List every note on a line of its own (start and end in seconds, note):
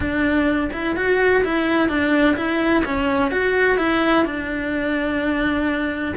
0.00 0.70 D4
0.72 0.96 E4
0.96 1.43 F#4
1.43 1.89 E4
1.89 2.36 D4
2.36 2.83 E4
2.84 3.31 C#4
3.31 3.77 F#4
3.77 4.25 E4
4.25 6.14 D4